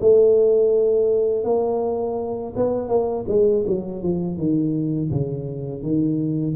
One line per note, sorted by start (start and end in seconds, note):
0.00 1.44 A3
1.44 2.53 A#3
2.56 2.88 B3
2.88 3.25 A#3
3.28 3.64 G#3
3.67 4.02 F#3
4.02 4.37 F3
4.37 5.10 D#3
5.10 5.82 C#3
5.82 6.55 D#3